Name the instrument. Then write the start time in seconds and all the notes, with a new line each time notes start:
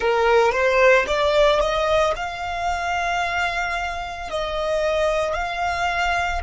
violin
0.00 A#4
0.52 C5
1.07 D5
1.60 D#5
2.15 F5
4.30 D#5
5.33 F5